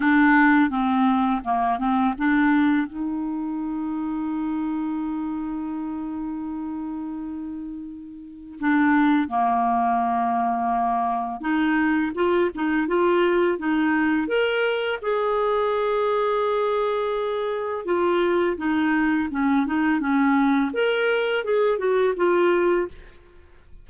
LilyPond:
\new Staff \with { instrumentName = "clarinet" } { \time 4/4 \tempo 4 = 84 d'4 c'4 ais8 c'8 d'4 | dis'1~ | dis'1 | d'4 ais2. |
dis'4 f'8 dis'8 f'4 dis'4 | ais'4 gis'2.~ | gis'4 f'4 dis'4 cis'8 dis'8 | cis'4 ais'4 gis'8 fis'8 f'4 | }